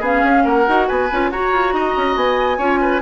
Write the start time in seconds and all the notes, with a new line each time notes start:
0.00 B3 C#4 G#4 F5
0.24 C#4
0.45 A#3 A#4 F#5
0.66 D#4 F#4
0.88 B3 B4 G#5
1.12 C#4 F4
1.30 F#4 C#5 A#5
1.52 F4
1.73 D#4 D#5
1.97 C#4
2.16 B3 G#5
2.58 C#4 F4 C#5
2.81 B4